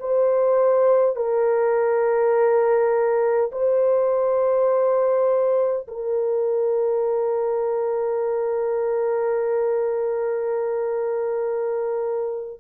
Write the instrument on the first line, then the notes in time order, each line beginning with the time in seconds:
horn
0.00 C5
1.16 A#4
3.52 C5
5.88 A#4